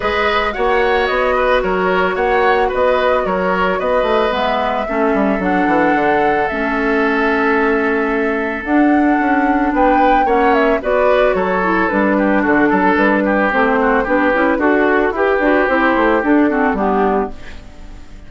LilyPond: <<
  \new Staff \with { instrumentName = "flute" } { \time 4/4 \tempo 4 = 111 dis''4 fis''4 dis''4 cis''4 | fis''4 dis''4 cis''4 dis''4 | e''2 fis''2 | e''1 |
fis''2 g''4 fis''8 e''8 | d''4 cis''4 b'4 a'4 | b'4 c''4 b'4 a'4 | b'4 c''4 a'4 g'4 | }
  \new Staff \with { instrumentName = "oboe" } { \time 4/4 b'4 cis''4. b'8 ais'4 | cis''4 b'4 ais'4 b'4~ | b'4 a'2.~ | a'1~ |
a'2 b'4 cis''4 | b'4 a'4. g'8 fis'8 a'8~ | a'8 g'4 fis'8 g'4 fis'4 | g'2~ g'8 fis'8 d'4 | }
  \new Staff \with { instrumentName = "clarinet" } { \time 4/4 gis'4 fis'2.~ | fis'1 | b4 cis'4 d'2 | cis'1 |
d'2. cis'4 | fis'4. e'8 d'2~ | d'4 c'4 d'8 e'8 fis'4 | g'8 fis'8 e'4 d'8 c'8 b4 | }
  \new Staff \with { instrumentName = "bassoon" } { \time 4/4 gis4 ais4 b4 fis4 | ais4 b4 fis4 b8 a8 | gis4 a8 g8 fis8 e8 d4 | a1 |
d'4 cis'4 b4 ais4 | b4 fis4 g4 d8 fis8 | g4 a4 b8 cis'8 d'4 | e'8 d'8 c'8 a8 d'4 g4 | }
>>